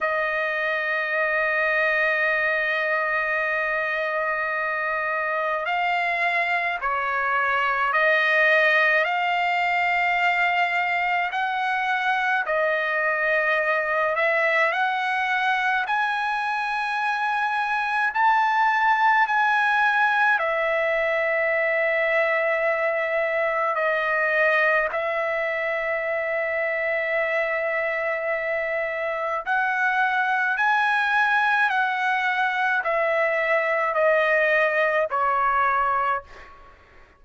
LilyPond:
\new Staff \with { instrumentName = "trumpet" } { \time 4/4 \tempo 4 = 53 dis''1~ | dis''4 f''4 cis''4 dis''4 | f''2 fis''4 dis''4~ | dis''8 e''8 fis''4 gis''2 |
a''4 gis''4 e''2~ | e''4 dis''4 e''2~ | e''2 fis''4 gis''4 | fis''4 e''4 dis''4 cis''4 | }